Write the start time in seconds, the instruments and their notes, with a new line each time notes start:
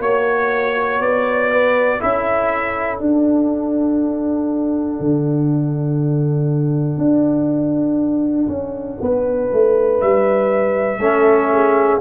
0.00 tuba A#3, trombone F#4, horn C#5, trumpet C#5
1.00 tuba B3, trumpet D5
1.51 horn B4
1.98 tuba C#4, trombone E4, horn A4, trumpet E5
2.97 trombone D4, tuba D4, trumpet F#5
5.00 tuba D3
6.97 tuba D4
8.48 tuba C#4
9.00 tuba B3, horn B4
9.53 tuba A3
10.01 tuba G3, trumpet E5
10.98 tuba A3, trombone C#4, horn A4
11.53 horn G#4